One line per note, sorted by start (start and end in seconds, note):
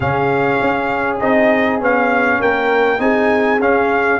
0.00 0.60 C#3
0.00 1.20 C#4
0.00 2.39 G#4
0.00 1.17 F5
0.61 1.20 C#4
1.19 1.80 C4
1.19 1.80 D#4
1.19 1.79 D#5
1.80 2.40 B3
1.80 2.98 C#4
1.80 2.41 F5
2.39 2.99 A#3
2.39 2.99 A#4
2.39 3.00 G5
2.98 3.59 C4
2.98 3.58 D#4
2.98 4.19 G#4
2.98 3.60 G#5
3.59 4.19 C#4
3.59 4.19 F5